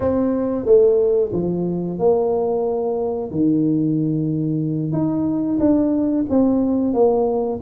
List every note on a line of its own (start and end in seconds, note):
0.00 0.65 C4
0.65 1.31 A3
1.32 1.98 F3
1.98 3.30 A#3
3.31 4.92 D#3
4.92 5.58 D#4
5.59 6.25 D4
6.29 6.93 C4
6.93 7.59 A#3